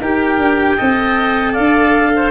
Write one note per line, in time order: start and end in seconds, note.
0.00 0.38 D#4
0.00 0.77 G4
0.00 0.76 A#4
0.00 1.53 G5
0.38 0.76 D4
0.76 1.58 C4
0.76 2.31 A4
0.76 1.52 D#5
1.52 2.31 D4
1.52 2.10 D5
1.52 2.30 F5
2.15 2.31 C5